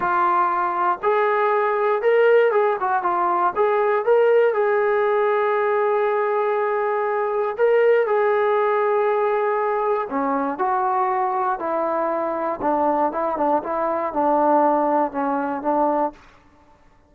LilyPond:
\new Staff \with { instrumentName = "trombone" } { \time 4/4 \tempo 4 = 119 f'2 gis'2 | ais'4 gis'8 fis'8 f'4 gis'4 | ais'4 gis'2.~ | gis'2. ais'4 |
gis'1 | cis'4 fis'2 e'4~ | e'4 d'4 e'8 d'8 e'4 | d'2 cis'4 d'4 | }